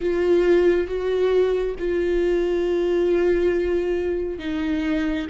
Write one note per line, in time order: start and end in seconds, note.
0.00 0.87 F4
0.87 1.75 F#4
1.78 4.38 F4
4.38 5.27 D#4